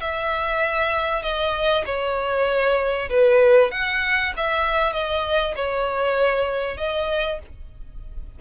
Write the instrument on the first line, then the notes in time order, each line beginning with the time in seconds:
violin
0.00 E5
1.22 D#5
1.85 C#5
3.09 B4
3.71 F#5
4.36 E5
4.92 D#5
5.55 C#5
6.77 D#5